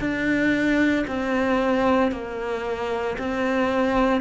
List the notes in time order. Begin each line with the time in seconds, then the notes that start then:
0.00 D4
1.07 C4
2.12 A#3
3.18 C4